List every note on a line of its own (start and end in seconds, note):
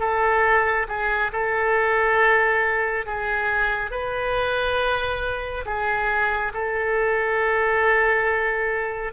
0.00 0.87 A4
0.88 1.32 G#4
1.32 3.06 A4
3.06 3.91 G#4
3.91 5.65 B4
5.66 6.53 G#4
6.54 9.13 A4